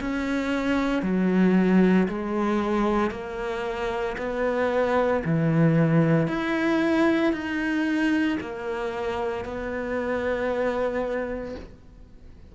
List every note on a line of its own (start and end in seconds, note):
0.00 1.02 C#4
1.02 2.07 F#3
2.08 3.11 G#3
3.11 4.16 A#3
4.17 5.22 B3
5.24 6.27 E3
6.27 7.33 E4
7.33 8.38 D#4
8.40 9.44 A#3
9.44 11.55 B3